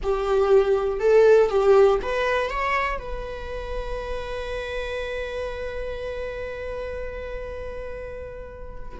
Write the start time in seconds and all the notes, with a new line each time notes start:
0.02 G4
0.99 A4
1.49 G4
2.01 B4
2.50 C#5
2.99 B4